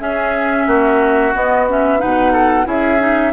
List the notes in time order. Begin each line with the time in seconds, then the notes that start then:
0.00 C#4 G#4 E5
0.67 A#3 F#4
1.34 B3 D#5
1.69 C#4 E5
1.99 B2 D#4 B4 F#5
2.32 A4
2.65 C#4 E4 G#4 E5
3.00 D#4